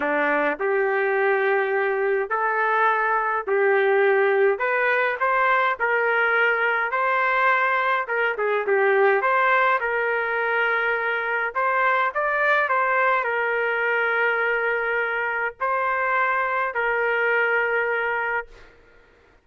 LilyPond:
\new Staff \with { instrumentName = "trumpet" } { \time 4/4 \tempo 4 = 104 d'4 g'2. | a'2 g'2 | b'4 c''4 ais'2 | c''2 ais'8 gis'8 g'4 |
c''4 ais'2. | c''4 d''4 c''4 ais'4~ | ais'2. c''4~ | c''4 ais'2. | }